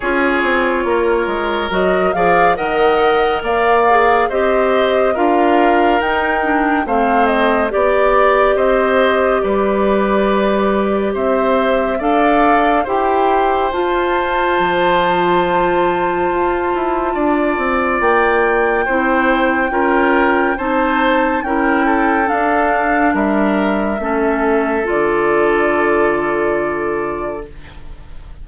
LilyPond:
<<
  \new Staff \with { instrumentName = "flute" } { \time 4/4 \tempo 4 = 70 cis''2 dis''8 f''8 fis''4 | f''4 dis''4 f''4 g''4 | f''8 dis''8 d''4 dis''4 d''4~ | d''4 e''4 f''4 g''4 |
a''1~ | a''4 g''2. | a''4 g''4 f''4 e''4~ | e''4 d''2. | }
  \new Staff \with { instrumentName = "oboe" } { \time 4/4 gis'4 ais'4. d''8 dis''4 | d''4 c''4 ais'2 | c''4 d''4 c''4 b'4~ | b'4 c''4 d''4 c''4~ |
c''1 | d''2 c''4 ais'4 | c''4 ais'8 a'4. ais'4 | a'1 | }
  \new Staff \with { instrumentName = "clarinet" } { \time 4/4 f'2 fis'8 gis'8 ais'4~ | ais'8 gis'8 g'4 f'4 dis'8 d'8 | c'4 g'2.~ | g'2 a'4 g'4 |
f'1~ | f'2 e'4 f'4 | dis'4 e'4 d'2 | cis'4 f'2. | }
  \new Staff \with { instrumentName = "bassoon" } { \time 4/4 cis'8 c'8 ais8 gis8 fis8 f8 dis4 | ais4 c'4 d'4 dis'4 | a4 b4 c'4 g4~ | g4 c'4 d'4 e'4 |
f'4 f2 f'8 e'8 | d'8 c'8 ais4 c'4 cis'4 | c'4 cis'4 d'4 g4 | a4 d2. | }
>>